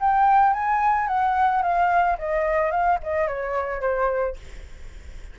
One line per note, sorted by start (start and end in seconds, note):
0.00 0.53 G5
0.53 1.08 G#5
1.08 1.62 F#5
1.62 2.17 F5
2.18 2.71 D#5
2.71 2.98 F5
3.03 3.28 D#5
3.28 3.81 C#5
3.81 4.36 C5